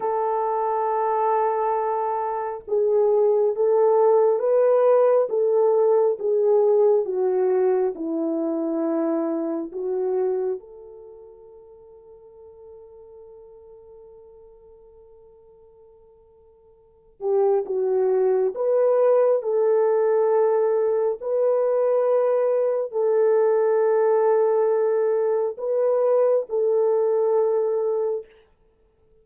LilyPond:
\new Staff \with { instrumentName = "horn" } { \time 4/4 \tempo 4 = 68 a'2. gis'4 | a'4 b'4 a'4 gis'4 | fis'4 e'2 fis'4 | a'1~ |
a'2.~ a'8 g'8 | fis'4 b'4 a'2 | b'2 a'2~ | a'4 b'4 a'2 | }